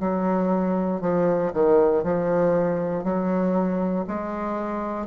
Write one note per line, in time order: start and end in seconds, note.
0.00 1.01 F#3
1.01 1.52 F3
1.54 2.04 D#3
2.04 3.04 F3
3.04 4.06 F#3
4.08 5.07 G#3